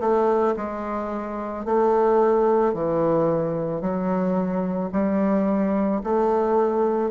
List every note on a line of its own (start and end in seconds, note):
0.00 0.55 A3
0.57 1.65 G#3
1.65 2.73 A3
2.73 3.81 E3
3.81 4.90 F#3
4.92 6.01 G3
6.03 7.11 A3